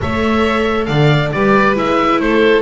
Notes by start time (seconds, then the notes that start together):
0.01 A3 A4 C#5 E5
0.85 D3 D5 F5
1.32 G3 G4 B4 D5
1.75 G#3 E4 E5
2.20 A3 A4 C5